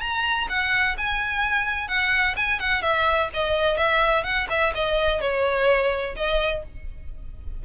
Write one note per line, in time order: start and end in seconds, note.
0.00 0.47 A#5
0.49 0.96 F#5
0.97 1.88 G#5
1.88 2.35 F#5
2.36 2.59 G#5
2.59 2.82 F#5
2.82 3.29 E5
3.33 3.77 D#5
3.77 4.23 E5
4.23 4.47 F#5
4.49 4.73 E5
4.74 5.21 D#5
5.21 6.15 C#5
6.16 6.63 D#5